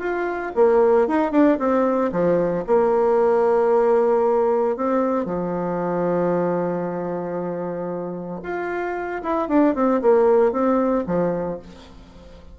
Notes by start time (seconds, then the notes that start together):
0.00 F4
0.56 A#3
1.08 D#4
1.32 D4
1.59 C4
2.12 F3
2.67 A#3
4.77 C4
5.26 F3
8.43 F4
9.23 E4
9.49 D4
9.75 C4
10.02 A#3
10.52 C4
11.07 F3